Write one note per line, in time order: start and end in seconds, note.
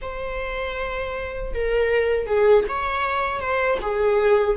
0.01 1.53 C5
1.54 2.26 A#4
2.26 2.64 G#4
2.68 3.40 C#5
3.40 3.78 C5
3.81 4.56 G#4